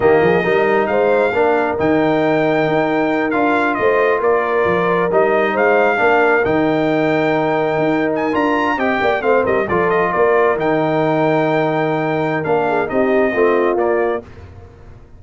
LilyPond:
<<
  \new Staff \with { instrumentName = "trumpet" } { \time 4/4 \tempo 4 = 135 dis''2 f''2 | g''2.~ g''8 f''8~ | f''8 dis''4 d''2 dis''8~ | dis''8 f''2 g''4.~ |
g''2~ g''16 gis''8 ais''4 g''16~ | g''8. f''8 dis''8 d''8 dis''8 d''4 g''16~ | g''1 | f''4 dis''2 d''4 | }
  \new Staff \with { instrumentName = "horn" } { \time 4/4 g'8 gis'8 ais'4 c''4 ais'4~ | ais'1~ | ais'8 c''4 ais'2~ ais'8~ | ais'8 c''4 ais'2~ ais'8~ |
ais'2.~ ais'8. dis''16~ | dis''16 d''8 c''8 ais'8 a'4 ais'4~ ais'16~ | ais'1~ | ais'8 gis'8 g'4 f'2 | }
  \new Staff \with { instrumentName = "trombone" } { \time 4/4 ais4 dis'2 d'4 | dis'2.~ dis'8 f'8~ | f'2.~ f'8 dis'8~ | dis'4. d'4 dis'4.~ |
dis'2~ dis'8. f'4 g'16~ | g'8. c'4 f'2 dis'16~ | dis'1 | d'4 dis'4 c'4 ais4 | }
  \new Staff \with { instrumentName = "tuba" } { \time 4/4 dis8 f8 g4 gis4 ais4 | dis2 dis'4. d'8~ | d'8 a4 ais4 f4 g8~ | g8 gis4 ais4 dis4.~ |
dis4. dis'4~ dis'16 d'4 c'16~ | c'16 ais8 a8 g8 f4 ais4 dis16~ | dis1 | ais4 c'4 a4 ais4 | }
>>